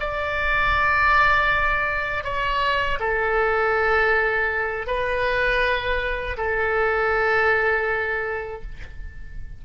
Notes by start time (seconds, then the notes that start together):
0.00 D5
2.24 C#5
3.00 A4
4.87 B4
6.37 A4